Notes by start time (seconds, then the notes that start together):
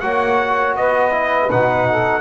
0.00 A#3 F#4 C#5 F#5
0.76 B3 B4 D#5
1.11 E4
1.51 B2 D#4 F#5
1.88 A4